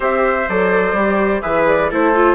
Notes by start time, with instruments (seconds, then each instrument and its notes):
0.00 bassoon C4, viola G4, trumpet C5, flute E5
0.48 bassoon F#3, viola A4, flute D5
0.92 bassoon G3, viola G4
1.41 bassoon E3, viola G#4, trumpet B4, flute E5
1.67 flute D5
1.90 bassoon A3, viola E4, trumpet A4, flute C5
2.15 viola F4